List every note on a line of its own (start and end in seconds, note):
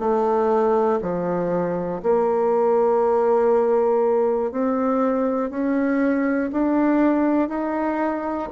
0.00 1.00 A3
1.02 2.02 F3
2.03 4.52 A#3
4.52 5.51 C4
5.51 6.51 C#4
6.52 7.49 D4
7.49 8.49 D#4